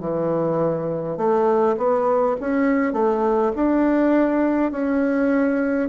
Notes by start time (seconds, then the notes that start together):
0.00 E3
1.17 A3
1.77 B3
2.40 C#4
2.93 A3
3.56 D4
4.72 C#4